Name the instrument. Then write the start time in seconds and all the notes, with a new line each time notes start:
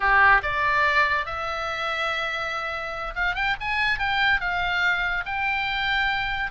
oboe
0.00 G4
0.43 D5
1.25 E5
3.15 F5
3.35 G5
3.60 G#5
3.99 G5
4.40 F5
5.25 G5